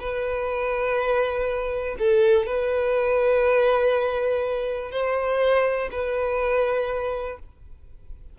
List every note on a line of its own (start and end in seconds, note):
0.00 1.97 B4
1.99 2.47 A4
2.47 4.91 B4
4.91 5.90 C5
5.91 7.39 B4